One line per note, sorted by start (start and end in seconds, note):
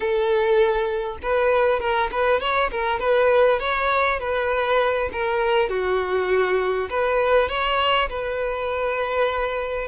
0.00 1.18 A4
1.22 1.80 B4
1.80 2.10 A#4
2.11 2.40 B4
2.40 2.70 C#5
2.71 2.99 A#4
2.99 3.59 B4
3.59 4.19 C#5
4.19 5.09 B4
5.12 5.69 A#4
5.69 6.89 F#4
6.89 7.48 B4
7.48 8.08 C#5
8.09 9.88 B4